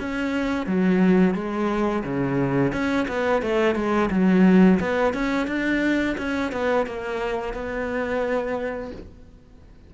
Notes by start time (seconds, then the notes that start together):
0.00 C#4
0.67 F#3
1.35 G#3
2.04 C#3
2.73 C#4
3.08 B3
3.42 A3
3.76 G#3
4.11 F#3
4.81 B3
5.14 C#4
5.47 D4
6.18 C#4
6.52 B3
6.87 A#3
7.54 B3